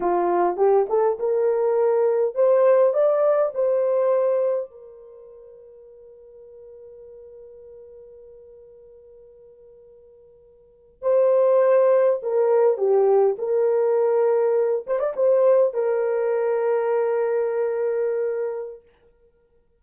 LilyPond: \new Staff \with { instrumentName = "horn" } { \time 4/4 \tempo 4 = 102 f'4 g'8 a'8 ais'2 | c''4 d''4 c''2 | ais'1~ | ais'1~ |
ais'2~ ais'8. c''4~ c''16~ | c''8. ais'4 g'4 ais'4~ ais'16~ | ais'4~ ais'16 c''16 d''16 c''4 ais'4~ ais'16~ | ais'1 | }